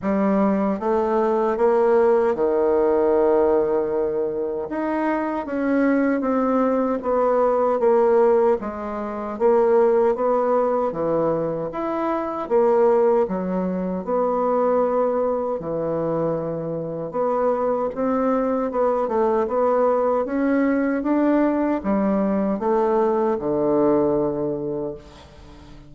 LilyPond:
\new Staff \with { instrumentName = "bassoon" } { \time 4/4 \tempo 4 = 77 g4 a4 ais4 dis4~ | dis2 dis'4 cis'4 | c'4 b4 ais4 gis4 | ais4 b4 e4 e'4 |
ais4 fis4 b2 | e2 b4 c'4 | b8 a8 b4 cis'4 d'4 | g4 a4 d2 | }